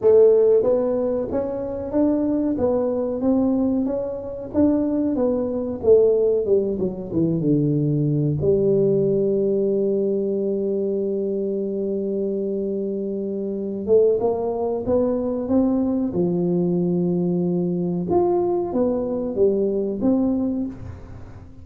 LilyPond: \new Staff \with { instrumentName = "tuba" } { \time 4/4 \tempo 4 = 93 a4 b4 cis'4 d'4 | b4 c'4 cis'4 d'4 | b4 a4 g8 fis8 e8 d8~ | d4 g2.~ |
g1~ | g4. a8 ais4 b4 | c'4 f2. | f'4 b4 g4 c'4 | }